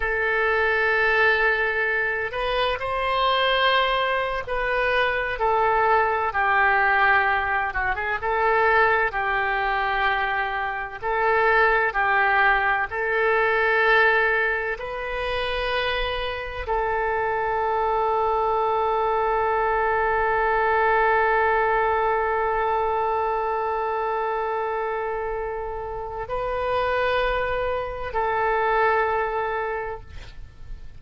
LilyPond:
\new Staff \with { instrumentName = "oboe" } { \time 4/4 \tempo 4 = 64 a'2~ a'8 b'8 c''4~ | c''8. b'4 a'4 g'4~ g'16~ | g'16 fis'16 gis'16 a'4 g'2 a'16~ | a'8. g'4 a'2 b'16~ |
b'4.~ b'16 a'2~ a'16~ | a'1~ | a'1 | b'2 a'2 | }